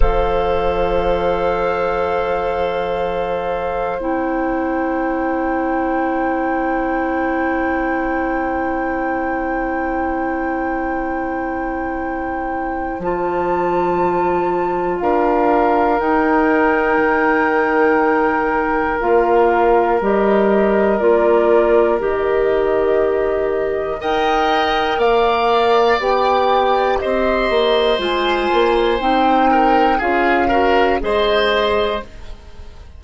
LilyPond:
<<
  \new Staff \with { instrumentName = "flute" } { \time 4/4 \tempo 4 = 60 f''1 | g''1~ | g''1~ | g''4 a''2 f''4 |
g''2. f''4 | dis''4 d''4 dis''2 | g''4 f''4 g''4 dis''4 | gis''4 g''4 f''4 dis''4 | }
  \new Staff \with { instrumentName = "oboe" } { \time 4/4 c''1~ | c''1~ | c''1~ | c''2. ais'4~ |
ais'1~ | ais'1 | dis''4 d''2 c''4~ | c''4. ais'8 gis'8 ais'8 c''4 | }
  \new Staff \with { instrumentName = "clarinet" } { \time 4/4 a'1 | e'1~ | e'1~ | e'4 f'2. |
dis'2. f'4 | g'4 f'4 g'2 | ais'2 g'2 | f'4 dis'4 f'8 fis'8 gis'4 | }
  \new Staff \with { instrumentName = "bassoon" } { \time 4/4 f1 | c'1~ | c'1~ | c'4 f2 d'4 |
dis'4 dis2 ais4 | g4 ais4 dis2 | dis'4 ais4 b4 c'8 ais8 | gis8 ais8 c'4 cis'4 gis4 | }
>>